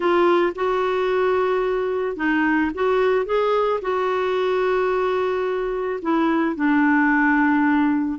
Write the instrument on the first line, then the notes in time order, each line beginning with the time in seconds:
clarinet
0.00 F4
0.55 F#4
2.16 D#4
2.74 F#4
3.25 G#4
3.81 F#4
6.01 E4
6.55 D4